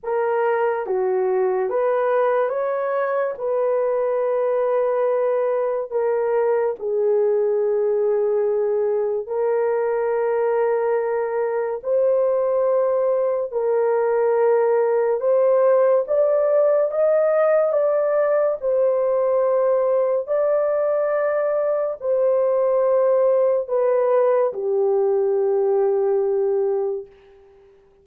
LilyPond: \new Staff \with { instrumentName = "horn" } { \time 4/4 \tempo 4 = 71 ais'4 fis'4 b'4 cis''4 | b'2. ais'4 | gis'2. ais'4~ | ais'2 c''2 |
ais'2 c''4 d''4 | dis''4 d''4 c''2 | d''2 c''2 | b'4 g'2. | }